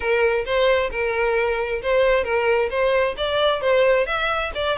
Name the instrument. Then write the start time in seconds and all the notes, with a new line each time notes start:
violin
0.00 A#4
0.45 C5
0.91 A#4
1.82 C5
2.24 A#4
2.70 C5
3.17 D5
3.61 C5
4.06 E5
4.54 D5